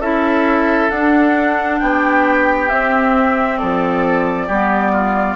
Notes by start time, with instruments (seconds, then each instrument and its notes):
0.00 bassoon C#4, clarinet E4, oboe A4, flute E5
0.90 bassoon D4, clarinet D4, flute F#5
1.79 bassoon B3, oboe G4, flute G5
2.69 clarinet C4, bassoon C4, flute E5
3.58 bassoon F3, oboe A4, flute D5
4.47 bassoon G3, clarinet B3, oboe G4
4.92 oboe F4